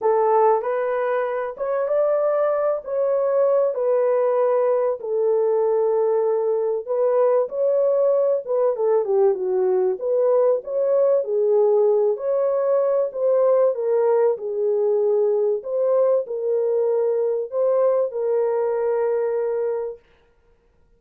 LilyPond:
\new Staff \with { instrumentName = "horn" } { \time 4/4 \tempo 4 = 96 a'4 b'4. cis''8 d''4~ | d''8 cis''4. b'2 | a'2. b'4 | cis''4. b'8 a'8 g'8 fis'4 |
b'4 cis''4 gis'4. cis''8~ | cis''4 c''4 ais'4 gis'4~ | gis'4 c''4 ais'2 | c''4 ais'2. | }